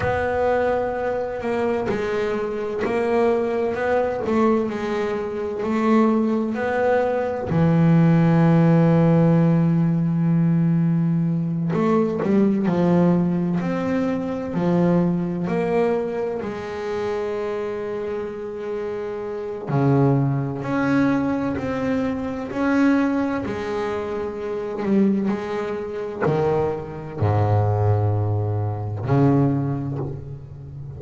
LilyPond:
\new Staff \with { instrumentName = "double bass" } { \time 4/4 \tempo 4 = 64 b4. ais8 gis4 ais4 | b8 a8 gis4 a4 b4 | e1~ | e8 a8 g8 f4 c'4 f8~ |
f8 ais4 gis2~ gis8~ | gis4 cis4 cis'4 c'4 | cis'4 gis4. g8 gis4 | dis4 gis,2 cis4 | }